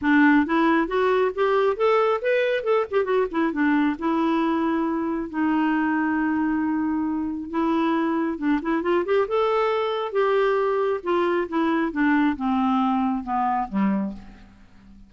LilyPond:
\new Staff \with { instrumentName = "clarinet" } { \time 4/4 \tempo 4 = 136 d'4 e'4 fis'4 g'4 | a'4 b'4 a'8 g'8 fis'8 e'8 | d'4 e'2. | dis'1~ |
dis'4 e'2 d'8 e'8 | f'8 g'8 a'2 g'4~ | g'4 f'4 e'4 d'4 | c'2 b4 g4 | }